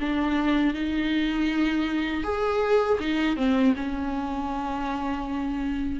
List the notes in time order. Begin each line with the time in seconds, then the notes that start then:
0.00 D4
0.74 D#4
2.23 G#4
2.99 D#4
3.36 C4
3.76 C#4